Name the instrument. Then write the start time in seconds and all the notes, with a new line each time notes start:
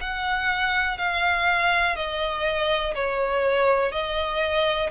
violin
0.00 F#5
0.97 F5
1.95 D#5
2.95 C#5
3.92 D#5